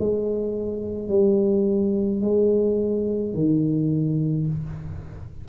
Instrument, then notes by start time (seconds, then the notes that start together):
tuba
0.00 G#3
1.09 G3
2.21 G#3
3.34 D#3